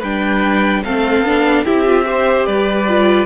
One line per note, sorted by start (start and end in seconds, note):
0.00 0.83 G3
0.00 0.84 D4
0.00 0.81 B4
0.00 0.83 G5
0.83 1.21 A3
0.83 1.25 C4
0.83 1.65 A4
0.83 1.65 F5
1.21 1.62 B3
1.21 1.65 D4
1.65 2.47 C4
1.65 1.85 E4
1.65 2.05 G4
1.65 2.45 E5
1.85 2.04 F4
2.04 2.85 G4
2.04 2.46 C5
2.45 3.25 G3
2.45 3.25 B4
2.45 3.25 D5
2.88 3.25 F4